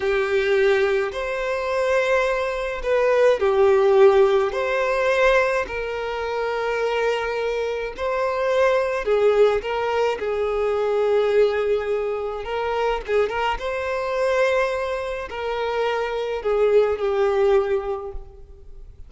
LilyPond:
\new Staff \with { instrumentName = "violin" } { \time 4/4 \tempo 4 = 106 g'2 c''2~ | c''4 b'4 g'2 | c''2 ais'2~ | ais'2 c''2 |
gis'4 ais'4 gis'2~ | gis'2 ais'4 gis'8 ais'8 | c''2. ais'4~ | ais'4 gis'4 g'2 | }